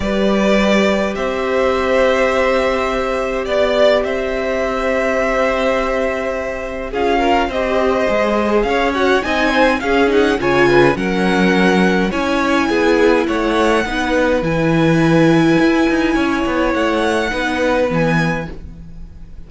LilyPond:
<<
  \new Staff \with { instrumentName = "violin" } { \time 4/4 \tempo 4 = 104 d''2 e''2~ | e''2 d''4 e''4~ | e''1 | f''4 dis''2 f''8 fis''8 |
gis''4 f''8 fis''8 gis''4 fis''4~ | fis''4 gis''2 fis''4~ | fis''4 gis''2.~ | gis''4 fis''2 gis''4 | }
  \new Staff \with { instrumentName = "violin" } { \time 4/4 b'2 c''2~ | c''2 d''4 c''4~ | c''1 | gis'8 ais'8 c''2 cis''4 |
dis''8 c''8 gis'4 cis''8 b'8 ais'4~ | ais'4 cis''4 gis'4 cis''4 | b'1 | cis''2 b'2 | }
  \new Staff \with { instrumentName = "viola" } { \time 4/4 g'1~ | g'1~ | g'1 | f'4 g'4 gis'4. fis'8 |
dis'4 cis'8 dis'8 f'4 cis'4~ | cis'4 e'2. | dis'4 e'2.~ | e'2 dis'4 b4 | }
  \new Staff \with { instrumentName = "cello" } { \time 4/4 g2 c'2~ | c'2 b4 c'4~ | c'1 | cis'4 c'4 gis4 cis'4 |
c'4 cis'4 cis4 fis4~ | fis4 cis'4 b4 a4 | b4 e2 e'8 dis'8 | cis'8 b8 a4 b4 e4 | }
>>